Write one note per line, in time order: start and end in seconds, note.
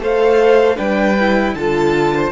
0.00 0.78 A3
0.00 0.77 A4
0.00 0.77 C5
0.00 0.78 F5
0.77 1.55 G3
0.77 1.16 D4
0.77 1.55 B4
0.77 1.55 G5
1.21 1.59 E4
1.55 2.33 D3
1.55 2.33 F4
1.55 2.15 A4
1.55 2.33 A5
2.15 2.33 C5